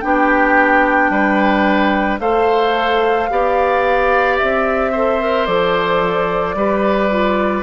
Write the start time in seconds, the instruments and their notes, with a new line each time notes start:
0.00 bassoon B3, clarinet D4, oboe G4, flute G5
1.10 bassoon G3, oboe B4
2.20 bassoon A3, clarinet A4, oboe C5, flute F5
3.30 bassoon B3, clarinet G4, oboe D5
4.38 bassoon C4, flute E5
4.92 clarinet A4, oboe C5
5.20 clarinet A#4
5.46 bassoon F3, clarinet A4, flute D5
6.55 bassoon G3, clarinet G4, oboe B4
7.11 clarinet F4